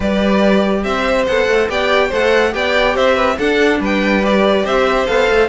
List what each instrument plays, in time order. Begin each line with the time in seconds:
0.00 cello G3, viola G4, violin B4 D5
0.83 cello C4, violin C5 E5
1.26 cello B3, viola A4, violin F#5
1.47 cello A3
1.68 cello B3, viola G4, violin D5 G5
2.08 cello A3, viola A4, violin C5 F#5
2.51 cello B3, viola G4, violin D5 G5
2.95 cello C4, violin C5 E5
3.15 violin B4
3.38 cello D4, viola D4, violin A4 F#5
3.79 cello G3, violin B4 G5
4.22 viola G4, violin D5
4.64 cello C4, violin C5 E5
5.06 cello B3, viola A4, violin F5
5.30 cello A3